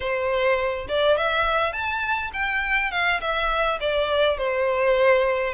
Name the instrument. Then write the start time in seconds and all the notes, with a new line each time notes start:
violin
0.00 C5
0.88 D5
1.17 E5
1.72 A5
2.33 G5
2.91 F5
3.20 E5
3.80 D5
4.37 C5